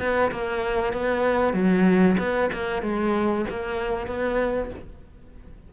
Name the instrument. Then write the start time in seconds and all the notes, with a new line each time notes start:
cello
0.00 B3
0.32 A#3
0.93 B3
1.54 F#3
2.18 B3
2.53 A#3
2.82 G#3
3.50 A#3
4.07 B3